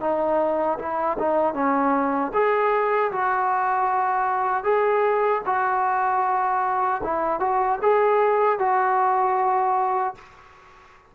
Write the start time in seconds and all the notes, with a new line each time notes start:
0.00 D#4
0.79 E4
1.19 D#4
1.54 C#4
2.34 G#4
3.12 F#4
4.64 G#4
5.46 F#4
7.03 E4
7.40 F#4
7.82 G#4
8.59 F#4